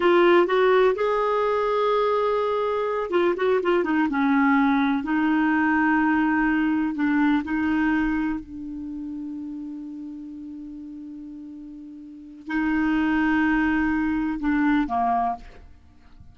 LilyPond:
\new Staff \with { instrumentName = "clarinet" } { \time 4/4 \tempo 4 = 125 f'4 fis'4 gis'2~ | gis'2~ gis'8 f'8 fis'8 f'8 | dis'8 cis'2 dis'4.~ | dis'2~ dis'8 d'4 dis'8~ |
dis'4. d'2~ d'8~ | d'1~ | d'2 dis'2~ | dis'2 d'4 ais4 | }